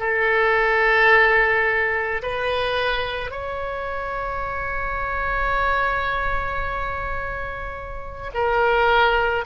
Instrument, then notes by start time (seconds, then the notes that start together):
oboe
0.00 A4
2.23 B4
3.31 C#5
8.34 A#4